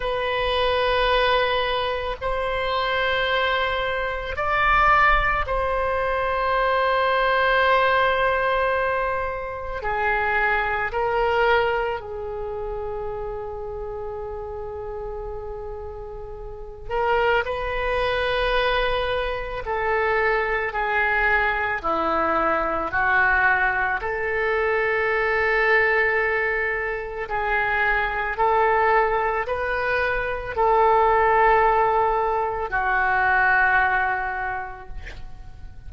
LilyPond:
\new Staff \with { instrumentName = "oboe" } { \time 4/4 \tempo 4 = 55 b'2 c''2 | d''4 c''2.~ | c''4 gis'4 ais'4 gis'4~ | gis'2.~ gis'8 ais'8 |
b'2 a'4 gis'4 | e'4 fis'4 a'2~ | a'4 gis'4 a'4 b'4 | a'2 fis'2 | }